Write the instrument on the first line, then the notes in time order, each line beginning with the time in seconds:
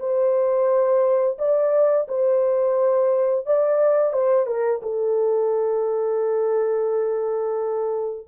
horn
0.00 C5
1.39 D5
2.08 C5
3.46 D5
4.13 C5
4.47 A#4
4.83 A4